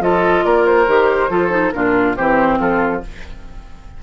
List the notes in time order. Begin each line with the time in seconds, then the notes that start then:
0.00 F3 F4 A4 D#5
0.45 A#3 A#4 D5
0.66 C5
0.87 D#3 G4
1.30 F3 F4 A4
1.50 D#4
1.72 A#2 D4 F4 A#4
2.17 E3 C4 G4 C5
2.59 F3 F4 A4